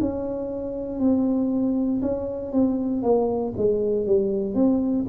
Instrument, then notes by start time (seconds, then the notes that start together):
tuba
0.00 C#4
0.99 C4
2.02 C#4
2.52 C4
3.02 A#3
3.57 G#3
4.06 G3
4.54 C4